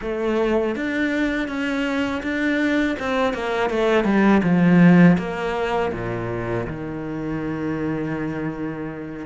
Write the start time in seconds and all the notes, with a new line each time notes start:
0.01 A3
0.75 D4
1.47 C#4
2.22 D4
2.99 C4
3.33 A#3
3.70 A3
4.04 G3
4.43 F3
5.18 A#3
5.92 A#2
6.67 D#3